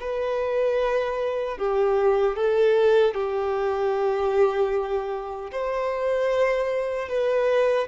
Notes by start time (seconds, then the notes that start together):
0.00 B4
1.58 G4
2.36 A4
3.14 G4
5.51 C5
7.08 B4